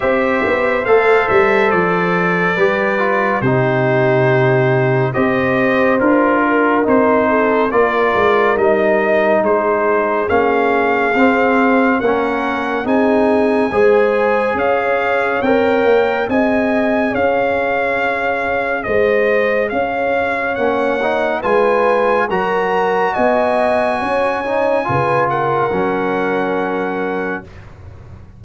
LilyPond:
<<
  \new Staff \with { instrumentName = "trumpet" } { \time 4/4 \tempo 4 = 70 e''4 f''8 e''8 d''2 | c''2 dis''4 ais'4 | c''4 d''4 dis''4 c''4 | f''2 fis''4 gis''4~ |
gis''4 f''4 g''4 gis''4 | f''2 dis''4 f''4 | fis''4 gis''4 ais''4 gis''4~ | gis''4. fis''2~ fis''8 | }
  \new Staff \with { instrumentName = "horn" } { \time 4/4 c''2. b'4 | g'2 c''4. ais'8~ | ais'8 a'8 ais'2 gis'4~ | gis'2 ais'4 gis'4 |
c''4 cis''2 dis''4 | cis''2 c''4 cis''4~ | cis''4 b'4 ais'4 dis''4 | cis''4 b'8 ais'2~ ais'8 | }
  \new Staff \with { instrumentName = "trombone" } { \time 4/4 g'4 a'2 g'8 f'8 | dis'2 g'4 f'4 | dis'4 f'4 dis'2 | cis'4 c'4 cis'4 dis'4 |
gis'2 ais'4 gis'4~ | gis'1 | cis'8 dis'8 f'4 fis'2~ | fis'8 dis'8 f'4 cis'2 | }
  \new Staff \with { instrumentName = "tuba" } { \time 4/4 c'8 b8 a8 g8 f4 g4 | c2 c'4 d'4 | c'4 ais8 gis8 g4 gis4 | ais4 c'4 ais4 c'4 |
gis4 cis'4 c'8 ais8 c'4 | cis'2 gis4 cis'4 | ais4 gis4 fis4 b4 | cis'4 cis4 fis2 | }
>>